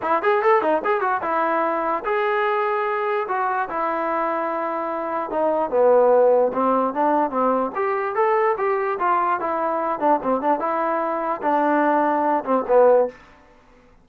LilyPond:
\new Staff \with { instrumentName = "trombone" } { \time 4/4 \tempo 4 = 147 e'8 gis'8 a'8 dis'8 gis'8 fis'8 e'4~ | e'4 gis'2. | fis'4 e'2.~ | e'4 dis'4 b2 |
c'4 d'4 c'4 g'4 | a'4 g'4 f'4 e'4~ | e'8 d'8 c'8 d'8 e'2 | d'2~ d'8 c'8 b4 | }